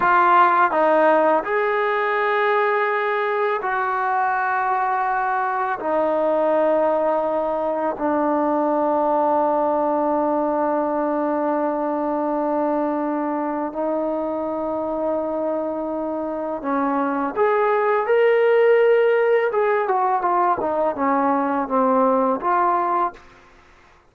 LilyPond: \new Staff \with { instrumentName = "trombone" } { \time 4/4 \tempo 4 = 83 f'4 dis'4 gis'2~ | gis'4 fis'2. | dis'2. d'4~ | d'1~ |
d'2. dis'4~ | dis'2. cis'4 | gis'4 ais'2 gis'8 fis'8 | f'8 dis'8 cis'4 c'4 f'4 | }